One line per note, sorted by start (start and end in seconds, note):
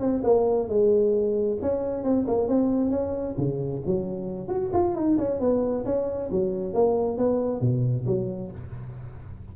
0.00 0.22 C4
0.23 0.68 A#3
0.68 1.58 G#3
1.61 2.04 C#4
2.04 2.26 C4
2.27 2.48 A#3
2.48 2.90 C4
2.90 3.35 C#4
3.37 3.82 C#3
3.86 4.48 F#3
4.48 4.71 F#4
4.73 4.95 F4
4.95 5.18 D#4
5.18 5.40 C#4
5.40 5.84 B3
5.85 6.30 C#4
6.31 6.73 F#3
6.73 7.17 A#3
7.17 7.61 B3
7.61 8.05 B2
8.06 8.51 F#3